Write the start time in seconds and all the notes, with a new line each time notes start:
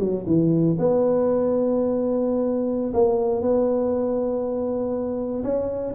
0.00 F#3
0.27 E3
0.79 B3
2.94 A#3
3.42 B3
5.44 C#4